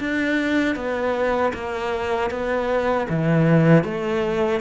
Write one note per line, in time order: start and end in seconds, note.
0.00 0.76 D4
0.76 1.53 B3
1.53 2.30 A#3
2.30 3.07 B3
3.09 3.84 E3
3.84 4.60 A3